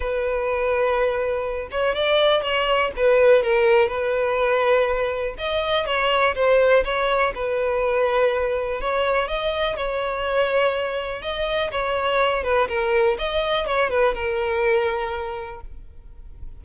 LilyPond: \new Staff \with { instrumentName = "violin" } { \time 4/4 \tempo 4 = 123 b'2.~ b'8 cis''8 | d''4 cis''4 b'4 ais'4 | b'2. dis''4 | cis''4 c''4 cis''4 b'4~ |
b'2 cis''4 dis''4 | cis''2. dis''4 | cis''4. b'8 ais'4 dis''4 | cis''8 b'8 ais'2. | }